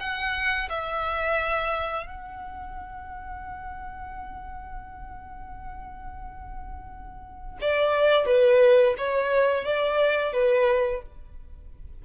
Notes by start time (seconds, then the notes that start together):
0.00 F#5
0.69 E5
2.07 F#5
7.61 D5
8.26 B4
8.97 C#5
9.65 D5
10.33 B4